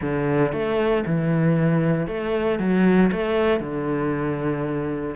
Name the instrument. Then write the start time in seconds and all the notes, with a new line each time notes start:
cello
0.01 D3
0.52 A3
1.06 E3
2.07 A3
2.59 F#3
3.12 A3
3.59 D3